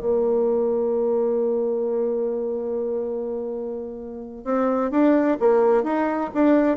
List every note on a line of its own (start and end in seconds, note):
0.00 4.44 A#3
4.44 4.91 C4
4.91 5.38 D4
5.39 5.83 A#3
5.83 6.30 D#4
6.34 6.77 D4